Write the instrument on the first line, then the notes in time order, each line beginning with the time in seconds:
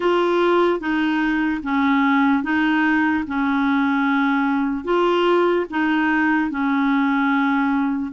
clarinet
0.00 F4
0.80 D#4
1.63 C#4
2.43 D#4
3.27 C#4
4.84 F4
5.69 D#4
6.50 C#4